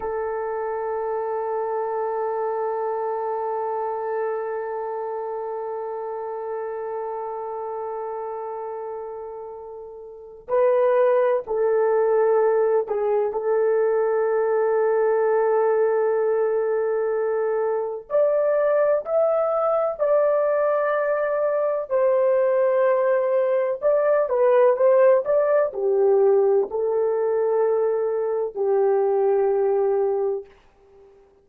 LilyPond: \new Staff \with { instrumentName = "horn" } { \time 4/4 \tempo 4 = 63 a'1~ | a'1~ | a'2. b'4 | a'4. gis'8 a'2~ |
a'2. d''4 | e''4 d''2 c''4~ | c''4 d''8 b'8 c''8 d''8 g'4 | a'2 g'2 | }